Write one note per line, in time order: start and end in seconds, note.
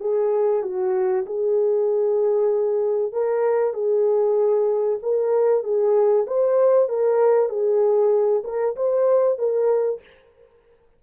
0.00 0.62 G#4
0.63 1.25 F#4
1.26 3.12 G#4
3.12 3.74 A#4
3.74 4.99 G#4
5.02 5.63 A#4
5.63 6.26 G#4
6.27 6.89 C5
6.89 7.49 A#4
7.49 8.43 G#4
8.44 8.75 A#4
8.76 9.38 C5
9.38 10.01 A#4